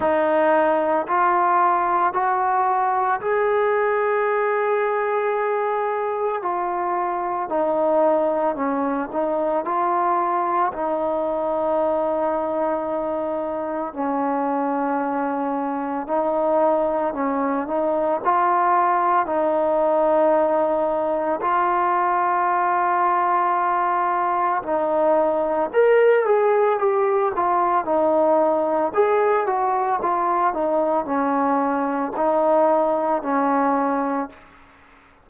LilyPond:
\new Staff \with { instrumentName = "trombone" } { \time 4/4 \tempo 4 = 56 dis'4 f'4 fis'4 gis'4~ | gis'2 f'4 dis'4 | cis'8 dis'8 f'4 dis'2~ | dis'4 cis'2 dis'4 |
cis'8 dis'8 f'4 dis'2 | f'2. dis'4 | ais'8 gis'8 g'8 f'8 dis'4 gis'8 fis'8 | f'8 dis'8 cis'4 dis'4 cis'4 | }